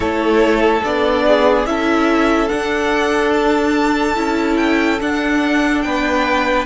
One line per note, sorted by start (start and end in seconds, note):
0.00 0.82 A3
0.00 0.83 E4
0.00 1.24 A4
0.00 0.83 C#5
0.83 1.65 B3
0.83 1.66 D4
0.83 1.65 D5
1.27 1.69 G#4
1.65 2.48 C#4
1.65 2.49 E4
1.65 5.84 A4
1.65 2.48 E5
2.48 4.15 D4
2.48 4.17 D4
2.48 3.31 F#5
3.32 4.57 A5
4.15 5.00 C#4
4.15 4.98 E4
4.57 4.98 G5
5.00 6.65 D4
5.00 5.84 D4
5.00 5.81 F#5
5.81 6.65 B3
5.81 6.65 B4
5.81 6.64 G5